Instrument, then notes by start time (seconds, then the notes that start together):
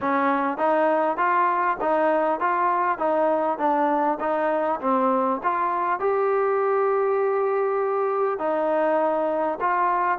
trombone
0.00 C#4
0.57 D#4
1.17 F4
1.81 D#4
2.40 F4
2.98 D#4
3.58 D4
4.20 D#4
4.81 C4
5.43 F4
5.99 G4
8.38 D#4
9.60 F4